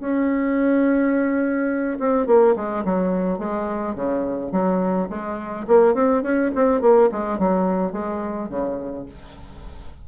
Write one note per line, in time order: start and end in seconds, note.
0.00 1.98 C#4
2.00 2.27 C4
2.27 2.55 A#3
2.56 2.85 G#3
2.85 3.39 F#3
3.39 3.95 G#3
3.95 4.52 C#3
4.52 5.09 F#3
5.10 5.67 G#3
5.68 5.95 A#3
5.95 6.23 C4
6.23 6.51 C#4
6.55 6.82 C4
6.82 7.10 A#3
7.12 7.39 G#3
7.39 7.93 F#3
7.93 8.49 G#3
8.50 9.06 C#3